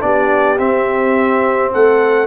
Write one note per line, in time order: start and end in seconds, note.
0.00 0.58 B3
0.00 0.57 D4
0.00 1.73 G4
0.00 0.58 D5
0.58 2.27 C4
0.58 1.71 C4
0.58 1.72 E5
1.73 2.27 A3
1.73 2.27 A4
1.73 2.27 F#5